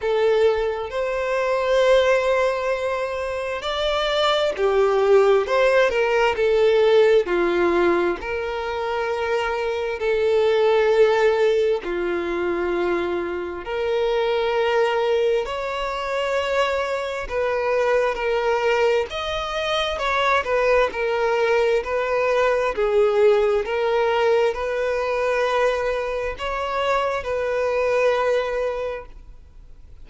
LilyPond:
\new Staff \with { instrumentName = "violin" } { \time 4/4 \tempo 4 = 66 a'4 c''2. | d''4 g'4 c''8 ais'8 a'4 | f'4 ais'2 a'4~ | a'4 f'2 ais'4~ |
ais'4 cis''2 b'4 | ais'4 dis''4 cis''8 b'8 ais'4 | b'4 gis'4 ais'4 b'4~ | b'4 cis''4 b'2 | }